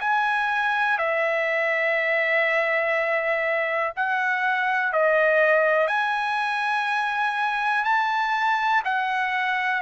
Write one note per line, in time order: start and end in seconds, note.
0.00 0.98 G#5
0.98 3.93 E5
3.96 4.92 F#5
4.92 5.87 D#5
5.87 7.84 G#5
7.84 8.82 A5
8.85 9.81 F#5